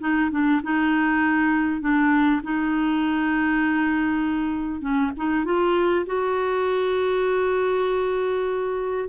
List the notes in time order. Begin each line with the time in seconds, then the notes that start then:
0.00 D#4
0.31 D4
0.63 D#4
1.81 D4
2.43 D#4
4.81 C#4
5.17 D#4
5.45 F4
6.06 F#4